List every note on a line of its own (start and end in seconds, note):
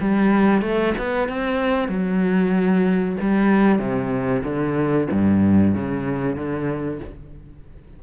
0.00 0.62 G3
0.62 0.93 A3
0.98 1.28 B3
1.28 1.88 C4
1.88 3.16 F#3
3.20 3.78 G3
3.78 4.42 C3
4.43 5.07 D3
5.11 5.75 G2
5.75 6.36 C#3
6.36 7.00 D3